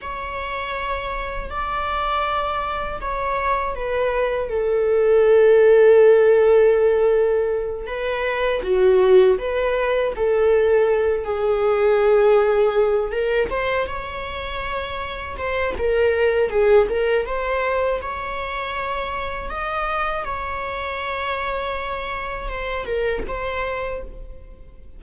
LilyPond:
\new Staff \with { instrumentName = "viola" } { \time 4/4 \tempo 4 = 80 cis''2 d''2 | cis''4 b'4 a'2~ | a'2~ a'8 b'4 fis'8~ | fis'8 b'4 a'4. gis'4~ |
gis'4. ais'8 c''8 cis''4.~ | cis''8 c''8 ais'4 gis'8 ais'8 c''4 | cis''2 dis''4 cis''4~ | cis''2 c''8 ais'8 c''4 | }